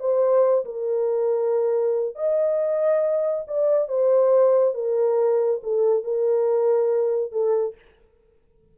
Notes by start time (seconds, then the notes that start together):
0.00 C5
0.65 A#4
2.16 D#5
3.47 D5
3.88 C5
4.74 A#4
5.63 A4
6.04 A#4
7.32 A4